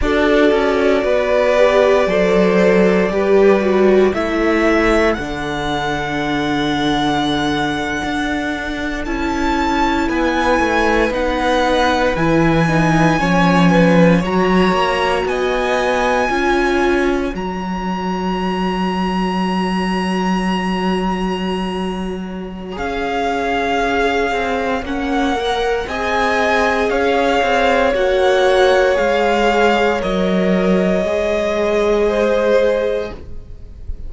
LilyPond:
<<
  \new Staff \with { instrumentName = "violin" } { \time 4/4 \tempo 4 = 58 d''1 | e''4 fis''2.~ | fis''8. a''4 gis''4 fis''4 gis''16~ | gis''4.~ gis''16 ais''4 gis''4~ gis''16~ |
gis''8. ais''2.~ ais''16~ | ais''2 f''2 | fis''4 gis''4 f''4 fis''4 | f''4 dis''2. | }
  \new Staff \with { instrumentName = "violin" } { \time 4/4 a'4 b'4 c''4 b'4 | a'1~ | a'4.~ a'16 b'2~ b'16~ | b'8. cis''8 b'8 cis''4 dis''4 cis''16~ |
cis''1~ | cis''1~ | cis''4 dis''4 cis''2~ | cis''2. c''4 | }
  \new Staff \with { instrumentName = "viola" } { \time 4/4 fis'4. g'8 a'4 g'8 fis'8 | e'4 d'2.~ | d'8. e'2 dis'4 e'16~ | e'16 dis'8 cis'4 fis'2 f'16~ |
f'8. fis'2.~ fis'16~ | fis'2 gis'2 | cis'8 ais'8 gis'2 fis'4 | gis'4 ais'4 gis'2 | }
  \new Staff \with { instrumentName = "cello" } { \time 4/4 d'8 cis'8 b4 fis4 g4 | a4 d2~ d8. d'16~ | d'8. cis'4 b8 a8 b4 e16~ | e8. f4 fis8 ais8 b4 cis'16~ |
cis'8. fis2.~ fis16~ | fis2 cis'4. c'8 | ais4 c'4 cis'8 c'8 ais4 | gis4 fis4 gis2 | }
>>